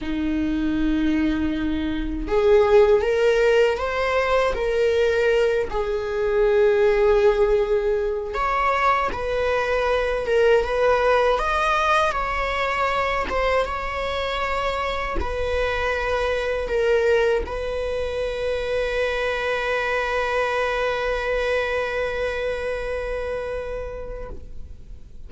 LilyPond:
\new Staff \with { instrumentName = "viola" } { \time 4/4 \tempo 4 = 79 dis'2. gis'4 | ais'4 c''4 ais'4. gis'8~ | gis'2. cis''4 | b'4. ais'8 b'4 dis''4 |
cis''4. c''8 cis''2 | b'2 ais'4 b'4~ | b'1~ | b'1 | }